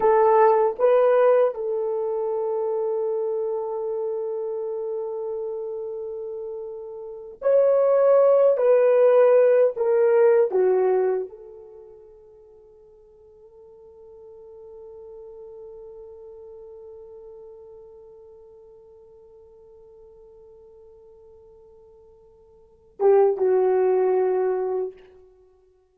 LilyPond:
\new Staff \with { instrumentName = "horn" } { \time 4/4 \tempo 4 = 77 a'4 b'4 a'2~ | a'1~ | a'4. cis''4. b'4~ | b'8 ais'4 fis'4 a'4.~ |
a'1~ | a'1~ | a'1~ | a'4. g'8 fis'2 | }